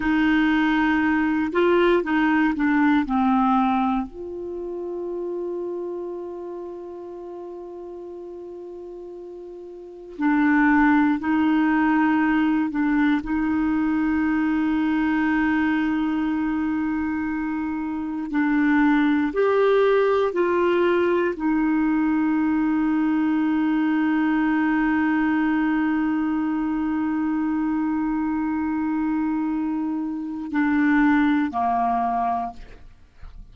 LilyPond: \new Staff \with { instrumentName = "clarinet" } { \time 4/4 \tempo 4 = 59 dis'4. f'8 dis'8 d'8 c'4 | f'1~ | f'2 d'4 dis'4~ | dis'8 d'8 dis'2.~ |
dis'2 d'4 g'4 | f'4 dis'2.~ | dis'1~ | dis'2 d'4 ais4 | }